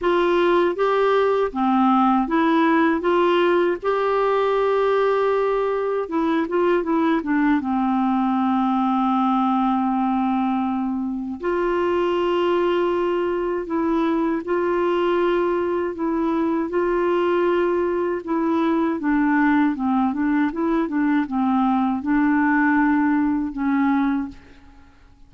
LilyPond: \new Staff \with { instrumentName = "clarinet" } { \time 4/4 \tempo 4 = 79 f'4 g'4 c'4 e'4 | f'4 g'2. | e'8 f'8 e'8 d'8 c'2~ | c'2. f'4~ |
f'2 e'4 f'4~ | f'4 e'4 f'2 | e'4 d'4 c'8 d'8 e'8 d'8 | c'4 d'2 cis'4 | }